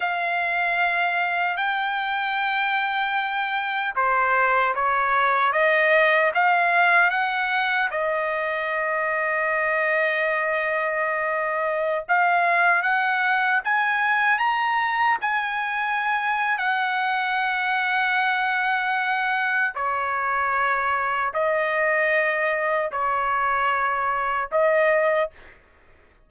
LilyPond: \new Staff \with { instrumentName = "trumpet" } { \time 4/4 \tempo 4 = 76 f''2 g''2~ | g''4 c''4 cis''4 dis''4 | f''4 fis''4 dis''2~ | dis''2.~ dis''16 f''8.~ |
f''16 fis''4 gis''4 ais''4 gis''8.~ | gis''4 fis''2.~ | fis''4 cis''2 dis''4~ | dis''4 cis''2 dis''4 | }